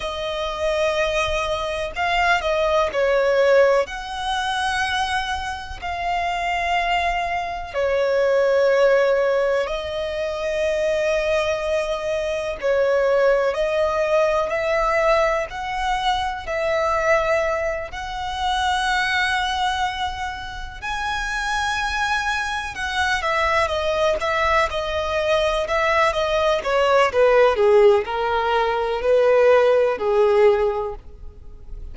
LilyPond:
\new Staff \with { instrumentName = "violin" } { \time 4/4 \tempo 4 = 62 dis''2 f''8 dis''8 cis''4 | fis''2 f''2 | cis''2 dis''2~ | dis''4 cis''4 dis''4 e''4 |
fis''4 e''4. fis''4.~ | fis''4. gis''2 fis''8 | e''8 dis''8 e''8 dis''4 e''8 dis''8 cis''8 | b'8 gis'8 ais'4 b'4 gis'4 | }